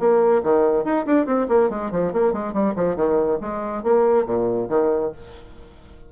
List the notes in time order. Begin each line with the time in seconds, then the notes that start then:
0.00 A#3
0.44 D#3
0.85 D#4
1.07 D4
1.26 C4
1.49 A#3
1.70 G#3
1.92 F3
2.13 A#3
2.33 G#3
2.54 G3
2.76 F3
2.97 D#3
3.41 G#3
3.84 A#3
4.26 A#2
4.69 D#3